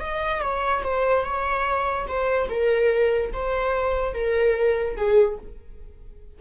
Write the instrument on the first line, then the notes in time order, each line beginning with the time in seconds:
viola
0.00 D#5
0.41 C#5
0.84 C5
1.24 C#5
2.07 C5
2.49 A#4
3.33 C5
4.13 A#4
4.96 G#4